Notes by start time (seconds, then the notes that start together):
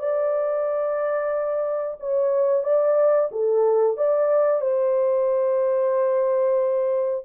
0.00 D5
2.00 C#5
2.64 D5
3.32 A4
3.97 D5
4.62 C5